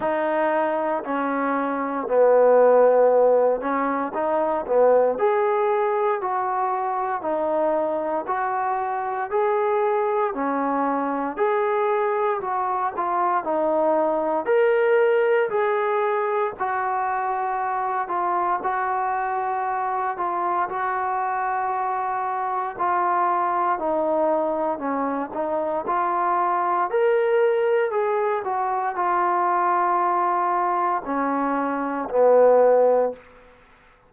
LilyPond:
\new Staff \with { instrumentName = "trombone" } { \time 4/4 \tempo 4 = 58 dis'4 cis'4 b4. cis'8 | dis'8 b8 gis'4 fis'4 dis'4 | fis'4 gis'4 cis'4 gis'4 | fis'8 f'8 dis'4 ais'4 gis'4 |
fis'4. f'8 fis'4. f'8 | fis'2 f'4 dis'4 | cis'8 dis'8 f'4 ais'4 gis'8 fis'8 | f'2 cis'4 b4 | }